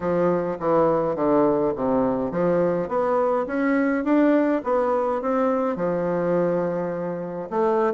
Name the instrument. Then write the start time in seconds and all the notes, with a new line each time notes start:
bassoon
0.00 F3
0.59 E3
1.15 D3
1.75 C3
2.31 F3
2.88 B3
3.46 C#4
4.04 D4
4.64 B3
5.21 C4
5.76 F3
7.50 A3